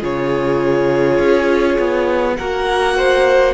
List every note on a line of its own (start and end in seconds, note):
0.00 1.19 C#3
0.00 2.36 F4
0.00 2.35 G#4
0.00 2.36 C#5
1.19 1.78 C#4
1.78 2.37 B3
2.36 3.54 A#3
2.36 3.54 F#4
2.36 2.96 A#4
2.36 3.53 F#5
2.96 3.54 C5